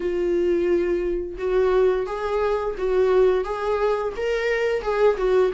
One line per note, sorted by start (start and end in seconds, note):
0.00 1.37 F4
1.38 2.06 F#4
2.06 2.75 G#4
2.77 3.44 F#4
3.44 4.13 G#4
4.16 4.82 A#4
4.82 5.16 G#4
5.17 5.51 F#4